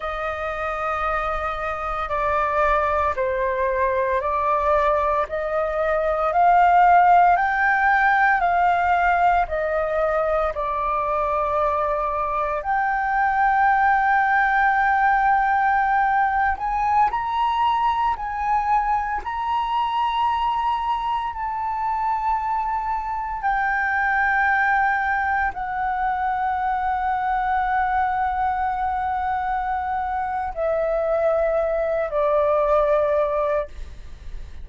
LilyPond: \new Staff \with { instrumentName = "flute" } { \time 4/4 \tempo 4 = 57 dis''2 d''4 c''4 | d''4 dis''4 f''4 g''4 | f''4 dis''4 d''2 | g''2.~ g''8. gis''16~ |
gis''16 ais''4 gis''4 ais''4.~ ais''16~ | ais''16 a''2 g''4.~ g''16~ | g''16 fis''2.~ fis''8.~ | fis''4 e''4. d''4. | }